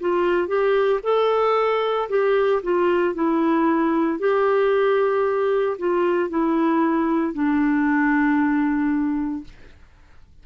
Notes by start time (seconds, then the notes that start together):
0.00 F4
0.47 G4
1.03 A4
2.09 G4
2.63 F4
3.14 E4
4.19 G4
5.78 F4
6.29 E4
7.33 D4